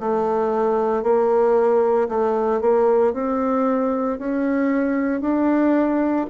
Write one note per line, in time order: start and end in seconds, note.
0.00 1.03 A3
1.03 2.08 A#3
2.08 2.61 A3
2.61 3.13 A#3
3.13 4.19 C4
4.19 5.21 C#4
5.21 6.26 D4